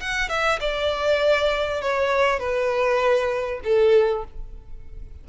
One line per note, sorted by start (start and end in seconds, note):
0.00 0.29 F#5
0.29 0.59 E5
0.60 1.81 D5
1.81 2.39 C#5
2.39 3.60 B4
3.63 4.24 A4